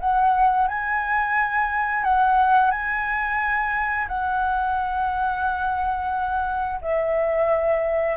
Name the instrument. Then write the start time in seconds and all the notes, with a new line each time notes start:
flute
0.00 F#5
0.68 G#5
2.04 F#5
2.71 G#5
4.08 F#5
6.82 E5